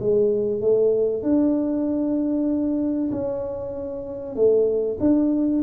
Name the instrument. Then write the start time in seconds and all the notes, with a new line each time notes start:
tuba
0.00 G#3
0.61 A3
1.23 D4
3.12 C#4
4.36 A3
5.01 D4